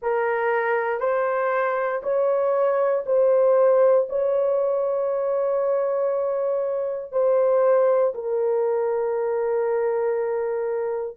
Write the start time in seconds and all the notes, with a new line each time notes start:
0.02 A#4
1.00 C5
2.02 C#5
3.06 C5
4.09 C#5
7.11 C5
8.14 A#4